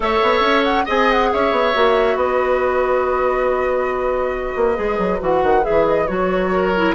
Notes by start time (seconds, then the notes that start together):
0.00 A3 A4 C#5 E5
0.22 B3
0.40 C#4
0.63 F#5
0.85 C4 G#4 D#5 G#5
1.11 F#5
1.32 C#4 C#5 E5
1.51 B3
1.74 A#3 F#4
2.15 B3 B4 D#5
4.55 A#3
4.75 G#3 G#4
4.98 F#3
5.19 E3 F#4 F#5
5.42 D#3
5.62 G#4 E5
5.69 E3
5.87 D#5
6.07 F#3 F#4 C#5
6.51 A#4
6.76 E4